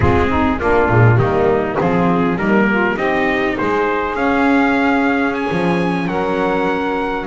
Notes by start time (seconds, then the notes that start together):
0.00 G#3 C4 F4 G#4
0.28 D#4
0.59 A#3 D4 F4
0.88 A#2 G#3
1.15 D#3 G3 A#3 D#4
1.77 F3 C4 F4 G#4
2.36 G3 A#3 D#4 A#4
2.69 F4
2.95 C4 D#4 G4 D#5
3.57 G#3 G#4 C5
4.15 C#4 F5
5.33 G#5
5.51 F3
6.07 F#3 A#4 F#5